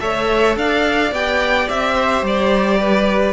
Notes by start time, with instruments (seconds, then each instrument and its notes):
0.00 cello A3, viola A4, violin C#5 E5
0.57 cello D4, violin D5 F5
1.11 cello B3, viola G4, violin G5
1.69 cello C4, violin E5
1.94 violin C5
2.22 cello G3, violin D5
2.80 violin B4